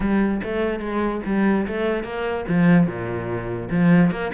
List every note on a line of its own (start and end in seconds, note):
0.00 0.41 G3
0.43 0.79 A3
0.79 1.20 G#3
1.25 1.66 G3
1.67 2.03 A3
2.03 2.45 A#3
2.48 2.86 F3
2.86 3.69 A#2
3.70 4.11 F3
4.11 4.31 A#3